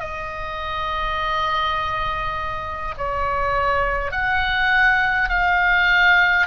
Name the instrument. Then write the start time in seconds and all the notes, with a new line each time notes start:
oboe
0.00 D#5
2.97 C#5
4.11 F#5
5.29 F5